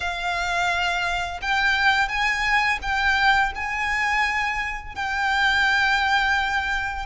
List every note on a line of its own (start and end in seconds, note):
0.00 1.40 F5
1.41 2.08 G5
2.08 2.79 G#5
2.82 3.52 G5
3.55 4.95 G#5
4.95 7.06 G5